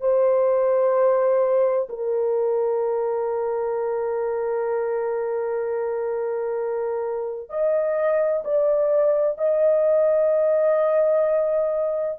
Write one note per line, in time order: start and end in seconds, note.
0.00 1.87 C5
1.89 7.49 A#4
7.49 8.43 D#5
8.44 9.37 D5
9.37 12.19 D#5